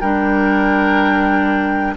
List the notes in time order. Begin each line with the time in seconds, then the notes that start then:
0.00 G3 D4 A#4 G5